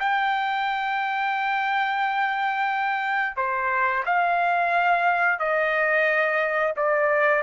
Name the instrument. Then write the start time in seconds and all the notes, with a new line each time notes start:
trumpet
0.00 G5
3.37 C5
4.06 F5
5.40 D#5
6.77 D5